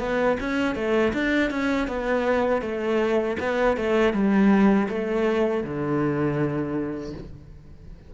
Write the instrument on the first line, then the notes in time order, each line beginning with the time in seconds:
cello
0.00 B3
0.41 C#4
0.76 A3
1.14 D4
1.51 C#4
1.88 B3
2.62 A3
3.40 B3
3.77 A3
4.14 G3
4.89 A3
5.64 D3